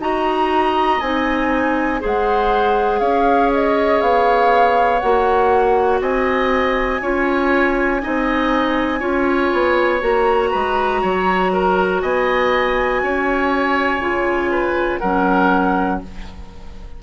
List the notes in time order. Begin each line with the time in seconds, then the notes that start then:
0.00 D#4 F#4 D#5 A#5
1.01 C4 D#4 G#5
2.00 G#3 G#4 C5 F#5
3.00 C#4 C#5 F5
3.54 D#5
4.02 B3 F5
5.00 A#3 F#4 F#5
6.01 C4 D#5 G#5
7.02 C#4 F4 C#5
8.02 C4 D#4 D#5
9.00 C#4 F4 C#5
9.53 B3
10.01 A#3 F#4 A#5
10.52 G#3 B4
11.02 F#3 C#5
11.53 A#4
12.02 B3 D#5 G#5
13.03 C#4 C#5
14.00 C#3 F4
14.51 B4
15.00 F#3 C#4 A#4 F#5